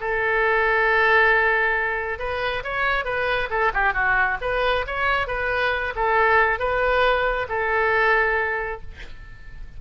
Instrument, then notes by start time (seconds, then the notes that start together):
oboe
0.00 A4
2.19 B4
2.63 C#5
3.05 B4
3.50 A4
3.73 G4
3.93 F#4
4.41 B4
4.87 C#5
5.27 B4
5.95 A4
6.59 B4
7.49 A4